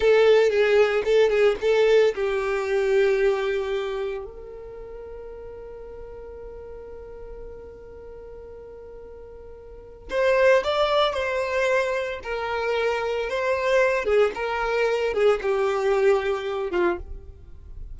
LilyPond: \new Staff \with { instrumentName = "violin" } { \time 4/4 \tempo 4 = 113 a'4 gis'4 a'8 gis'8 a'4 | g'1 | ais'1~ | ais'1~ |
ais'2. c''4 | d''4 c''2 ais'4~ | ais'4 c''4. gis'8 ais'4~ | ais'8 gis'8 g'2~ g'8 f'8 | }